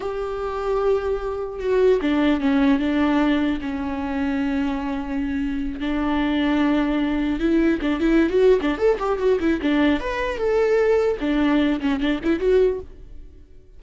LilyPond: \new Staff \with { instrumentName = "viola" } { \time 4/4 \tempo 4 = 150 g'1 | fis'4 d'4 cis'4 d'4~ | d'4 cis'2.~ | cis'2~ cis'8 d'4.~ |
d'2~ d'8 e'4 d'8 | e'8. fis'8. d'8 a'8 g'8 fis'8 e'8 | d'4 b'4 a'2 | d'4. cis'8 d'8 e'8 fis'4 | }